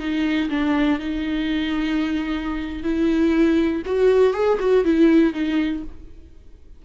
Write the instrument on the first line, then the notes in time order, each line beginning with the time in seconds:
viola
0.00 D#4
0.50 D4
0.99 D#4
2.84 E4
3.86 F#4
4.34 G#4
4.60 F#4
4.85 E4
5.34 D#4